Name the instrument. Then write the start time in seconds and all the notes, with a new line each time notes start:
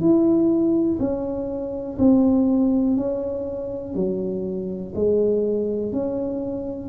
tuba
0.00 E4
0.99 C#4
1.98 C4
2.96 C#4
3.94 F#3
4.95 G#3
5.92 C#4